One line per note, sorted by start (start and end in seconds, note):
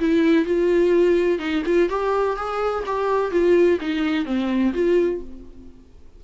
0.00 0.46 E4
0.46 1.39 F4
1.39 1.63 D#4
1.66 1.90 F4
1.90 2.37 G4
2.37 2.84 G#4
2.86 3.32 G4
3.32 3.79 F4
3.81 4.26 D#4
4.26 4.73 C4
4.74 5.21 F4